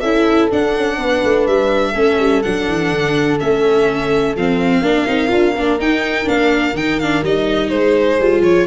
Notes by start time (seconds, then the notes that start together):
0.00 C#4 E4 A4 E5
0.51 D4 F#5
0.76 C#4
0.98 B3 B4
1.24 A3
1.47 G3 E5
1.92 A3 C#4 A4
2.19 G3
2.43 F#3 D4 F#5
2.68 E3
2.91 D3
3.40 A3 C#4 E5
4.36 F3 C4 F5
4.82 A#3 D4 A#4
5.07 C4 D#4
5.28 D4 F4
5.55 A#3 D4
5.79 D#4 G5
6.25 A#3 D4 F5
6.74 D#3 D#4 G5
7.00 D4 F5
7.23 G3 D#4 D#5
7.69 G#3 G#4 C5
8.20 G3 F4
8.41 F3 C#5